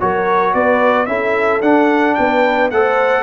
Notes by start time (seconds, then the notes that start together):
0.00 F#3 F#4 A#4 C#5
0.53 B3 B4 D5
1.06 C#4 E4 A4 E5
1.61 D4 F#5
2.15 B3 B4 G5
2.71 A3 A4 C5 F#5